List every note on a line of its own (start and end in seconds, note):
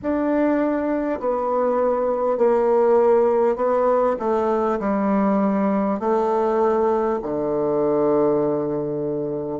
0.02 1.19 D4
1.19 2.37 B3
2.37 3.56 A#3
3.56 4.16 B3
4.19 4.79 A3
4.79 5.99 G3
5.99 7.19 A3
7.22 9.59 D3